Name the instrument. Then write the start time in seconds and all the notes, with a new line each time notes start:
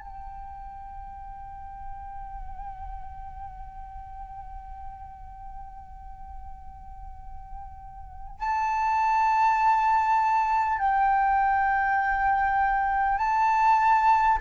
flute
0.00 G5
8.39 A5
10.78 G5
13.18 A5